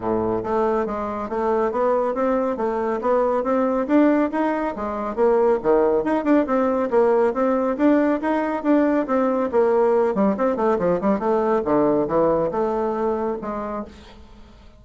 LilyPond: \new Staff \with { instrumentName = "bassoon" } { \time 4/4 \tempo 4 = 139 a,4 a4 gis4 a4 | b4 c'4 a4 b4 | c'4 d'4 dis'4 gis4 | ais4 dis4 dis'8 d'8 c'4 |
ais4 c'4 d'4 dis'4 | d'4 c'4 ais4. g8 | c'8 a8 f8 g8 a4 d4 | e4 a2 gis4 | }